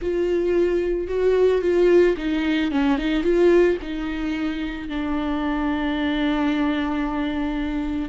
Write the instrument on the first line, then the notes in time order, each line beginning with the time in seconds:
viola
0.01 F4
1.07 F#4
1.61 F4
2.17 D#4
2.71 C#4
2.98 D#4
3.23 F4
3.82 D#4
4.88 D4